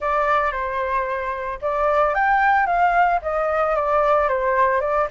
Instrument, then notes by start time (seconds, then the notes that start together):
flute
0.00 D5
0.52 C5
1.61 D5
2.14 G5
2.66 F5
3.22 D#5
3.75 D5
4.28 C5
4.81 D5